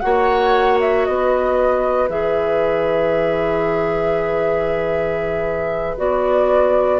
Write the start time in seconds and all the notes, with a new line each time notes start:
0.00 A#3 F#4 C#5 F#5
0.80 E5
1.05 B3 B4 D#5
2.08 E3 G#4 E5
5.97 B3 F#4 D5